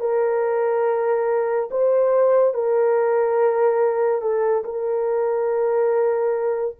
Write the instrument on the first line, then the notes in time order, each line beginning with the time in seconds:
horn
0.00 A#4
1.71 C5
2.54 A#4
4.21 A4
4.64 A#4